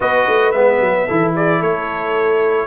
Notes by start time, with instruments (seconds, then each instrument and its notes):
0.00 tuba B3, trombone F#4, horn B4, trumpet D#5
0.27 tuba A3
0.51 tuba G#3, trombone B3, trumpet E5
0.80 tuba F#3
1.06 tuba E3, trombone E4, horn A4
1.35 horn G#4, trumpet D5
1.59 tuba A3, horn A4, trumpet C#5